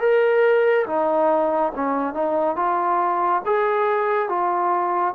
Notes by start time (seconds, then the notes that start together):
0.00 A#4
0.86 D#4
1.75 C#4
2.14 D#4
2.56 F4
3.45 G#4
4.29 F4